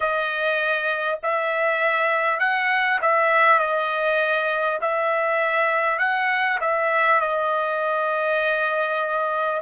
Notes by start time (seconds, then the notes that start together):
0.00 D#5
1.22 E5
2.39 F#5
3.01 E5
3.59 D#5
4.81 E5
5.98 F#5
6.61 E5
7.20 D#5